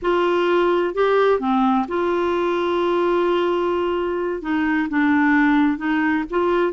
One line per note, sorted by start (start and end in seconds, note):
0.01 0.94 F4
0.94 1.39 G4
1.39 1.86 C4
1.88 4.42 F4
4.42 4.88 D#4
4.89 5.77 D4
5.77 6.24 D#4
6.30 6.72 F4